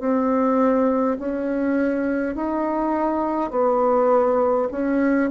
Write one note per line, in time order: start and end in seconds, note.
0.00 1.18 C4
1.19 2.36 C#4
2.36 3.51 D#4
3.51 4.69 B3
4.72 5.31 C#4